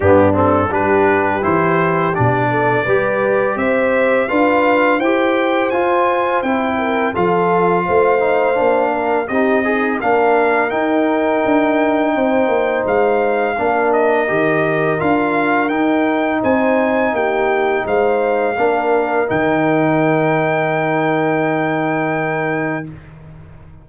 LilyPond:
<<
  \new Staff \with { instrumentName = "trumpet" } { \time 4/4 \tempo 4 = 84 g'8 a'8 b'4 c''4 d''4~ | d''4 e''4 f''4 g''4 | gis''4 g''4 f''2~ | f''4 dis''4 f''4 g''4~ |
g''2 f''4. dis''8~ | dis''4 f''4 g''4 gis''4 | g''4 f''2 g''4~ | g''1 | }
  \new Staff \with { instrumentName = "horn" } { \time 4/4 d'4 g'2~ g'8 a'8 | b'4 c''4 b'4 c''4~ | c''4. ais'8 a'4 c''4~ | c''8 ais'8 g'8 dis'8 ais'2~ |
ais'4 c''2 ais'4~ | ais'2. c''4 | g'4 c''4 ais'2~ | ais'1 | }
  \new Staff \with { instrumentName = "trombone" } { \time 4/4 b8 c'8 d'4 e'4 d'4 | g'2 f'4 g'4 | f'4 e'4 f'4. dis'8 | d'4 dis'8 gis'8 d'4 dis'4~ |
dis'2. d'4 | g'4 f'4 dis'2~ | dis'2 d'4 dis'4~ | dis'1 | }
  \new Staff \with { instrumentName = "tuba" } { \time 4/4 g,4 g4 e4 b,4 | g4 c'4 d'4 e'4 | f'4 c'4 f4 a4 | ais4 c'4 ais4 dis'4 |
d'4 c'8 ais8 gis4 ais4 | dis4 d'4 dis'4 c'4 | ais4 gis4 ais4 dis4~ | dis1 | }
>>